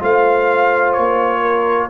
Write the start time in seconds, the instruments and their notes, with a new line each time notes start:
0.00 tuba A3, trombone F4, horn C5, trumpet F5
0.93 tuba A#3, trumpet C#5
1.42 horn A#4